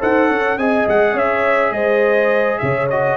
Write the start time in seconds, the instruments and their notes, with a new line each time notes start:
0.00 tuba D#4, trombone A4, horn C5, trumpet F#5
0.29 tuba C#4, horn C#5
0.58 tuba C4, trombone G#4, horn D#5, trumpet G#5
0.87 tuba G#3, trumpet F#5
1.13 tuba C#4, horn C#5, trumpet E5
1.71 tuba G#3, horn C5, trumpet D#5
2.58 tuba C#3, horn C#5, trumpet E5
2.90 trombone F#4, trumpet D#5